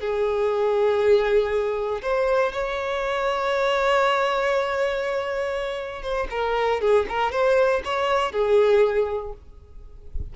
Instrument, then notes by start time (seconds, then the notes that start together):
violin
0.00 G#4
2.02 C5
2.52 C#5
6.02 C5
6.31 A#4
6.81 G#4
7.09 A#4
7.32 C5
7.84 C#5
8.32 G#4